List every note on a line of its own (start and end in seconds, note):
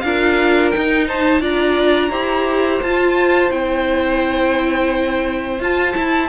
0.00 0.73 D4
0.00 0.73 F4
0.00 1.07 A#4
0.00 0.70 F5
0.70 1.40 D#4
0.70 1.05 G5
1.07 1.41 C5
1.07 1.42 A5
1.40 2.10 D4
1.40 2.09 F4
1.40 2.10 D5
1.40 2.82 A#5
2.10 2.80 E4
2.10 2.81 G4
2.10 6.28 C5
2.82 3.50 F4
2.82 3.49 F4
2.82 3.51 A5
3.49 5.59 C4
3.49 5.59 E4
3.49 5.60 G5
5.59 5.94 F4
5.59 6.29 A5
5.94 6.29 E4